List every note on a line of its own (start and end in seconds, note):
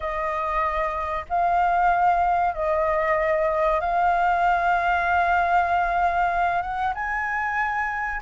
0.00 1.25 D#5
1.29 2.54 F5
2.54 3.80 D#5
3.80 6.61 F5
6.61 6.93 F#5
6.94 8.20 G#5